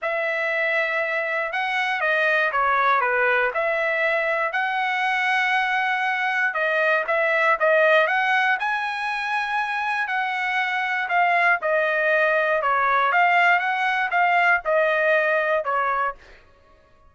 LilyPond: \new Staff \with { instrumentName = "trumpet" } { \time 4/4 \tempo 4 = 119 e''2. fis''4 | dis''4 cis''4 b'4 e''4~ | e''4 fis''2.~ | fis''4 dis''4 e''4 dis''4 |
fis''4 gis''2. | fis''2 f''4 dis''4~ | dis''4 cis''4 f''4 fis''4 | f''4 dis''2 cis''4 | }